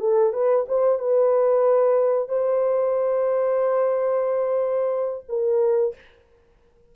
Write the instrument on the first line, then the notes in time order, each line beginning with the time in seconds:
horn
0.00 A4
0.33 B4
0.68 C5
0.99 B4
2.29 C5
5.29 A#4